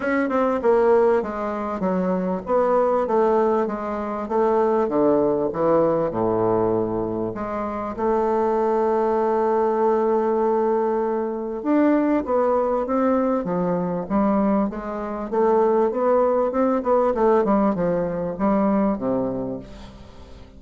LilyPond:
\new Staff \with { instrumentName = "bassoon" } { \time 4/4 \tempo 4 = 98 cis'8 c'8 ais4 gis4 fis4 | b4 a4 gis4 a4 | d4 e4 a,2 | gis4 a2.~ |
a2. d'4 | b4 c'4 f4 g4 | gis4 a4 b4 c'8 b8 | a8 g8 f4 g4 c4 | }